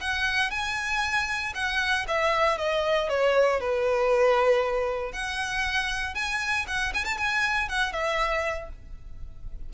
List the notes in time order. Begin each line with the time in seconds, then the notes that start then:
0.00 F#5
0.50 G#5
1.54 F#5
2.07 E5
2.57 D#5
3.09 C#5
3.60 B4
5.12 F#5
6.14 G#5
6.67 F#5
6.94 G#5
7.04 A5
7.17 G#5
7.68 F#5
7.92 E5